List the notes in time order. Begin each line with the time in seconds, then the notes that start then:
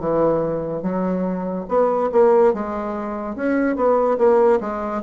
0.00 E3
0.83 F#3
1.69 B3
2.12 A#3
2.54 G#3
3.36 C#4
3.77 B3
4.18 A#3
4.61 G#3